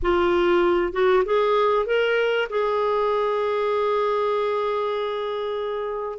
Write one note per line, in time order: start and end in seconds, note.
0.02 0.93 F4
0.93 1.23 F#4
1.25 1.86 G#4
1.86 2.47 A#4
2.49 6.19 G#4